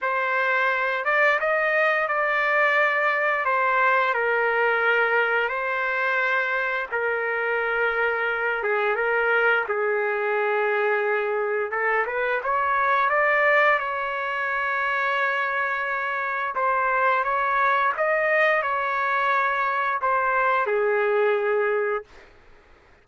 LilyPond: \new Staff \with { instrumentName = "trumpet" } { \time 4/4 \tempo 4 = 87 c''4. d''8 dis''4 d''4~ | d''4 c''4 ais'2 | c''2 ais'2~ | ais'8 gis'8 ais'4 gis'2~ |
gis'4 a'8 b'8 cis''4 d''4 | cis''1 | c''4 cis''4 dis''4 cis''4~ | cis''4 c''4 gis'2 | }